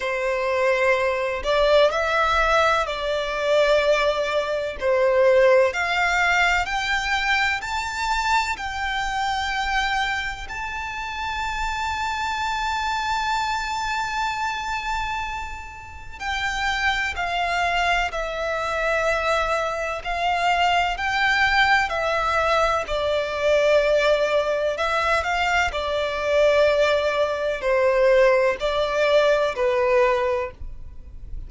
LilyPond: \new Staff \with { instrumentName = "violin" } { \time 4/4 \tempo 4 = 63 c''4. d''8 e''4 d''4~ | d''4 c''4 f''4 g''4 | a''4 g''2 a''4~ | a''1~ |
a''4 g''4 f''4 e''4~ | e''4 f''4 g''4 e''4 | d''2 e''8 f''8 d''4~ | d''4 c''4 d''4 b'4 | }